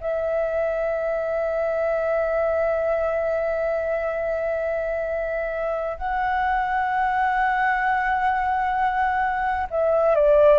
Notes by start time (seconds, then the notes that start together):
0.00 E5
5.97 F#5
9.70 E5
10.15 D5